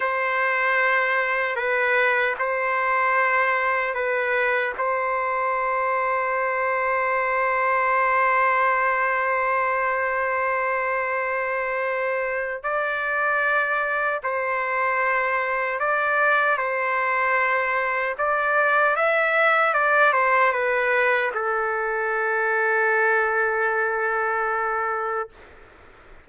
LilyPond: \new Staff \with { instrumentName = "trumpet" } { \time 4/4 \tempo 4 = 76 c''2 b'4 c''4~ | c''4 b'4 c''2~ | c''1~ | c''1 |
d''2 c''2 | d''4 c''2 d''4 | e''4 d''8 c''8 b'4 a'4~ | a'1 | }